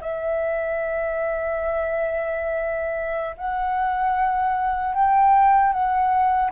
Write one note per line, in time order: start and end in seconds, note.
0.00 3.36 E5
3.37 4.94 F#5
4.94 5.72 G5
5.72 6.51 F#5